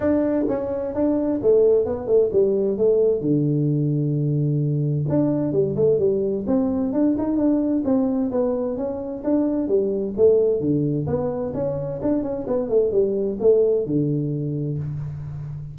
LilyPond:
\new Staff \with { instrumentName = "tuba" } { \time 4/4 \tempo 4 = 130 d'4 cis'4 d'4 a4 | b8 a8 g4 a4 d4~ | d2. d'4 | g8 a8 g4 c'4 d'8 dis'8 |
d'4 c'4 b4 cis'4 | d'4 g4 a4 d4 | b4 cis'4 d'8 cis'8 b8 a8 | g4 a4 d2 | }